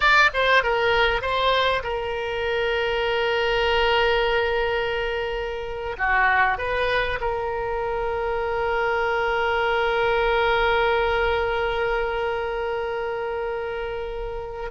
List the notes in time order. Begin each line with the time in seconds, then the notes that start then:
0.00 D5
0.33 C5
0.63 A#4
1.21 C5
1.83 A#4
5.97 F#4
6.58 B4
7.20 A#4